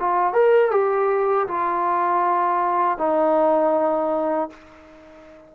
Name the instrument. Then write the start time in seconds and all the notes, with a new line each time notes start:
trombone
0.00 F4
0.34 A#4
0.72 G4
1.48 F4
2.99 D#4